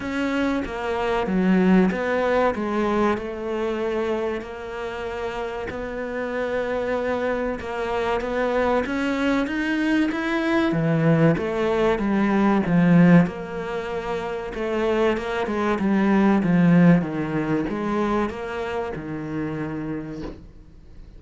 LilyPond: \new Staff \with { instrumentName = "cello" } { \time 4/4 \tempo 4 = 95 cis'4 ais4 fis4 b4 | gis4 a2 ais4~ | ais4 b2. | ais4 b4 cis'4 dis'4 |
e'4 e4 a4 g4 | f4 ais2 a4 | ais8 gis8 g4 f4 dis4 | gis4 ais4 dis2 | }